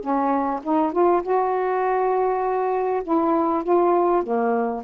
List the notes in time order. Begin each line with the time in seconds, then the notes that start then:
0.00 C#4
0.62 D#4
0.92 F4
1.22 F#4
3.03 E4
3.63 F4
4.23 A#3